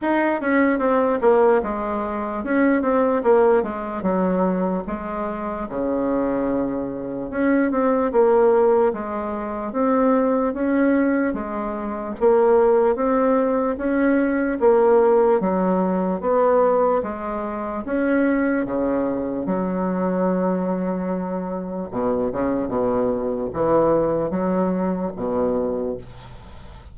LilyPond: \new Staff \with { instrumentName = "bassoon" } { \time 4/4 \tempo 4 = 74 dis'8 cis'8 c'8 ais8 gis4 cis'8 c'8 | ais8 gis8 fis4 gis4 cis4~ | cis4 cis'8 c'8 ais4 gis4 | c'4 cis'4 gis4 ais4 |
c'4 cis'4 ais4 fis4 | b4 gis4 cis'4 cis4 | fis2. b,8 cis8 | b,4 e4 fis4 b,4 | }